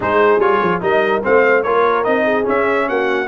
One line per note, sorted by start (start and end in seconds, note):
0.00 0.38 G#3
0.00 0.40 D#4
0.00 0.82 G#4
0.00 0.40 C5
0.38 0.58 G3
0.38 0.80 F4
0.38 0.81 C#5
0.61 0.82 F3
0.80 1.23 G3
0.80 1.21 D#4
0.80 1.23 A#4
0.80 1.23 D#5
1.23 1.65 A3
1.23 1.64 C4
1.23 1.64 C5
1.23 1.62 F5
1.62 2.06 A#3
1.62 2.04 F4
1.62 2.24 A#4
1.62 2.03 C#5
2.03 2.47 C4
2.03 2.44 D#4
2.03 2.45 D#5
2.24 2.86 G#4
2.44 3.26 C#4
2.44 2.88 C#4
2.44 2.88 E5
2.88 3.27 A#3
2.88 3.27 F#4
2.88 3.27 F#5